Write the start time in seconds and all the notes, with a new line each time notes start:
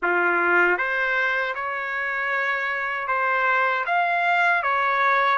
0.02 F4
0.77 C5
1.55 C#5
3.07 C5
3.86 F5
4.63 C#5